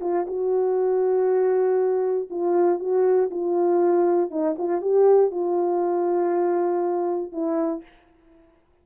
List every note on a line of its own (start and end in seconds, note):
0.00 0.25 F4
0.26 2.28 F#4
2.30 2.79 F4
2.79 3.30 F#4
3.30 4.30 F4
4.30 4.55 D#4
4.58 4.81 F4
4.81 5.30 G4
5.30 7.32 F4
7.32 7.82 E4